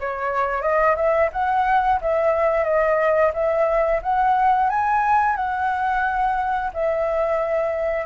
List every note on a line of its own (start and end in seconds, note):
0.00 0.62 C#5
0.62 0.96 D#5
0.96 1.30 E5
1.32 2.00 F#5
2.01 2.64 E5
2.64 3.32 D#5
3.34 4.01 E5
4.03 4.69 F#5
4.69 5.36 G#5
5.36 6.71 F#5
6.74 8.06 E5